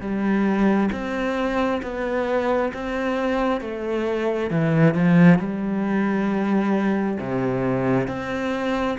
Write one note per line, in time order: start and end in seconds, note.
0.00 0.90 G3
0.92 1.81 C4
1.82 2.72 B3
2.74 3.60 C4
3.60 4.50 A3
4.50 4.94 E3
4.94 5.39 F3
5.39 7.18 G3
7.18 8.07 C3
8.07 8.97 C4